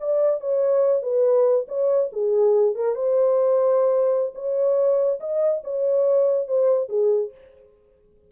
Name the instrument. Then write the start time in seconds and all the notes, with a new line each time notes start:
horn
0.00 D5
0.41 C#5
1.03 B4
1.68 C#5
2.13 G#4
2.75 A#4
2.95 C5
4.35 C#5
5.20 D#5
5.64 C#5
6.48 C5
6.89 G#4